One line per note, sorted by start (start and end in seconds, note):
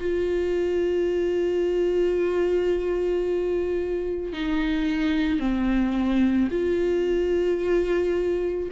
0.00 4.33 F4
4.33 5.40 D#4
5.40 6.49 C4
6.51 8.69 F4